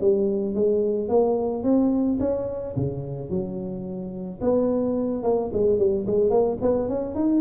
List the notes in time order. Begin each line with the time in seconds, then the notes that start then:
0.00 G3
0.54 G#3
1.08 A#3
1.63 C4
2.19 C#4
2.76 C#3
3.30 F#3
4.41 B3
5.23 A#3
5.52 G#3
5.78 G3
6.06 G#3
6.30 A#3
6.61 B3
6.88 C#4
7.15 D#4